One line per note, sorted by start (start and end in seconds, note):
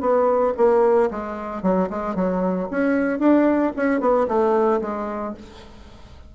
0.00 0.53 B3
0.57 1.10 A#3
1.11 1.62 G#3
1.62 1.89 F#3
1.90 2.15 G#3
2.15 2.68 F#3
2.71 3.19 C#4
3.19 3.72 D4
3.77 4.00 C#4
4.00 4.27 B3
4.28 4.81 A3
4.81 5.34 G#3